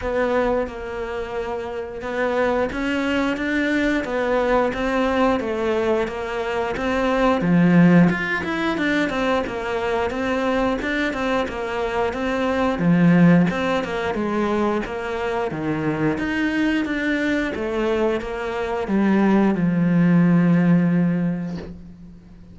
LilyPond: \new Staff \with { instrumentName = "cello" } { \time 4/4 \tempo 4 = 89 b4 ais2 b4 | cis'4 d'4 b4 c'4 | a4 ais4 c'4 f4 | f'8 e'8 d'8 c'8 ais4 c'4 |
d'8 c'8 ais4 c'4 f4 | c'8 ais8 gis4 ais4 dis4 | dis'4 d'4 a4 ais4 | g4 f2. | }